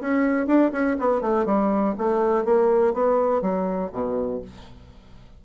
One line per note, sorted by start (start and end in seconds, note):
0.00 0.46 C#4
0.46 0.71 D4
0.72 0.96 C#4
0.99 1.21 B3
1.21 1.45 A3
1.45 1.94 G3
1.97 2.44 A3
2.44 2.93 A#3
2.93 3.41 B3
3.41 3.90 F#3
3.92 4.41 B2